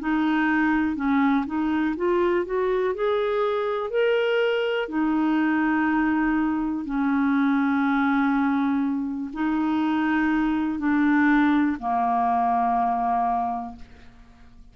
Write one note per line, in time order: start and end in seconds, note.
0.00 0.96 D#4
0.96 1.45 C#4
1.46 1.95 D#4
1.97 2.46 F4
2.46 2.95 F#4
2.95 3.90 G#4
3.90 4.89 A#4
4.89 6.85 D#4
6.85 9.31 C#4
9.34 10.79 D#4
10.79 11.78 D4
11.79 13.76 A#3